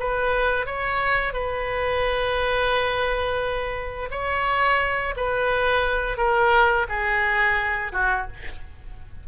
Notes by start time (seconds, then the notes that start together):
0.00 B4
0.66 C#5
1.34 B4
4.11 C#5
5.17 B4
6.18 A#4
6.89 G#4
7.93 F#4